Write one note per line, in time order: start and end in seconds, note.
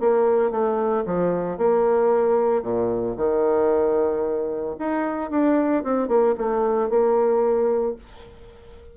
0.00 0.51 A#3
0.51 1.04 A3
1.06 1.58 F3
1.58 2.63 A#3
2.63 3.16 A#2
3.17 4.76 D#3
4.79 5.31 D#4
5.31 5.84 D4
5.84 6.08 C4
6.08 6.35 A#3
6.38 6.90 A3
6.90 7.96 A#3